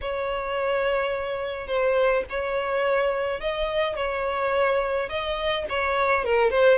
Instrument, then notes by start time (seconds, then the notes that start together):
violin
0.01 C#5
1.67 C5
2.29 C#5
3.40 D#5
3.96 C#5
5.09 D#5
5.69 C#5
6.24 A#4
6.50 C5